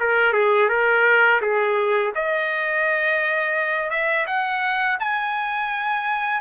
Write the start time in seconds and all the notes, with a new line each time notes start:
0.00 A#4
0.33 G#4
0.69 A#4
1.42 G#4
2.15 D#5
3.90 E5
4.26 F#5
5.00 G#5